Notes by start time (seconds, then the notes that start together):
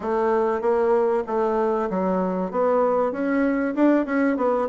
0.00 A3
0.61 A#3
1.26 A3
1.89 F#3
2.51 B3
3.12 C#4
3.75 D4
4.05 C#4
4.36 B3